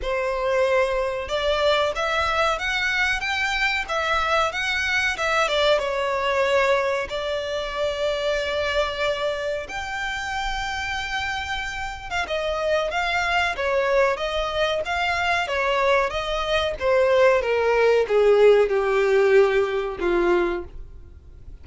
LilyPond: \new Staff \with { instrumentName = "violin" } { \time 4/4 \tempo 4 = 93 c''2 d''4 e''4 | fis''4 g''4 e''4 fis''4 | e''8 d''8 cis''2 d''4~ | d''2. g''4~ |
g''2~ g''8. f''16 dis''4 | f''4 cis''4 dis''4 f''4 | cis''4 dis''4 c''4 ais'4 | gis'4 g'2 f'4 | }